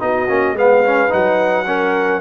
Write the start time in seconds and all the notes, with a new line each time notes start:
0.00 B3 D#4 F#4 D#5
0.29 A#3 C#4
0.54 G#3 B3 B4 F5
0.85 C#4
1.10 F#3 D#4 F#5
1.67 C#4 A#4